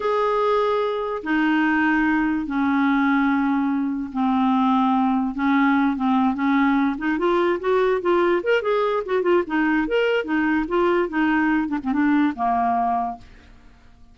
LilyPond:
\new Staff \with { instrumentName = "clarinet" } { \time 4/4 \tempo 4 = 146 gis'2. dis'4~ | dis'2 cis'2~ | cis'2 c'2~ | c'4 cis'4. c'4 cis'8~ |
cis'4 dis'8 f'4 fis'4 f'8~ | f'8 ais'8 gis'4 fis'8 f'8 dis'4 | ais'4 dis'4 f'4 dis'4~ | dis'8 d'16 c'16 d'4 ais2 | }